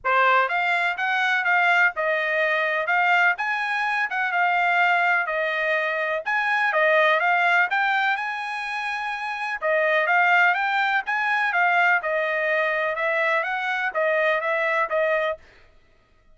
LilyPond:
\new Staff \with { instrumentName = "trumpet" } { \time 4/4 \tempo 4 = 125 c''4 f''4 fis''4 f''4 | dis''2 f''4 gis''4~ | gis''8 fis''8 f''2 dis''4~ | dis''4 gis''4 dis''4 f''4 |
g''4 gis''2. | dis''4 f''4 g''4 gis''4 | f''4 dis''2 e''4 | fis''4 dis''4 e''4 dis''4 | }